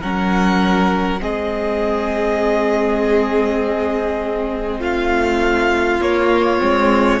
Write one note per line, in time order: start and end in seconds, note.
0.00 1.21 F#3
0.00 1.19 C#4
0.00 1.20 A#4
0.00 1.22 F#5
1.19 4.79 G#3
1.19 5.99 C4
1.19 4.79 G#4
1.19 4.81 D#5
4.79 5.99 A3
4.79 7.19 F4
4.79 6.01 F5
6.00 6.60 A#3
6.00 6.59 A#3
6.00 7.20 C#5
6.59 7.20 G#3
6.59 7.19 C4